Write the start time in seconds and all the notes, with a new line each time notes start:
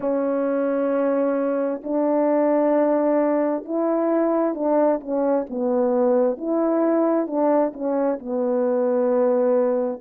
0.00 C#4
1.83 D4
3.64 E4
4.54 D4
5.00 C#4
5.49 B3
6.37 E4
7.26 D4
7.73 C#4
8.19 B3